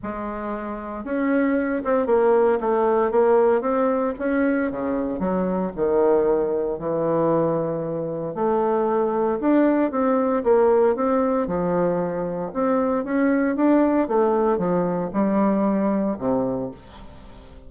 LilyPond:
\new Staff \with { instrumentName = "bassoon" } { \time 4/4 \tempo 4 = 115 gis2 cis'4. c'8 | ais4 a4 ais4 c'4 | cis'4 cis4 fis4 dis4~ | dis4 e2. |
a2 d'4 c'4 | ais4 c'4 f2 | c'4 cis'4 d'4 a4 | f4 g2 c4 | }